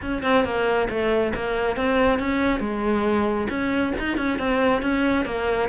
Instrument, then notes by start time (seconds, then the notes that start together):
cello
0.01 C#4
0.22 C4
0.44 A#3
0.89 A3
1.35 A#3
1.76 C4
2.19 C#4
2.60 G#3
3.49 C#4
3.99 D#4
4.17 C#4
4.38 C4
4.82 C#4
5.25 A#3